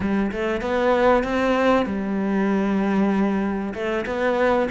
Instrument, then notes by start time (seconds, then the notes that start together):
cello
0.00 G3
0.31 A3
0.61 B3
1.23 C4
1.86 G3
3.73 A3
4.06 B3